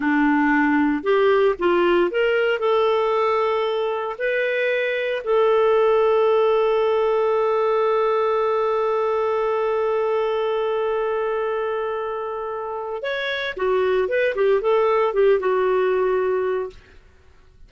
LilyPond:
\new Staff \with { instrumentName = "clarinet" } { \time 4/4 \tempo 4 = 115 d'2 g'4 f'4 | ais'4 a'2. | b'2 a'2~ | a'1~ |
a'1~ | a'1~ | a'4 cis''4 fis'4 b'8 g'8 | a'4 g'8 fis'2~ fis'8 | }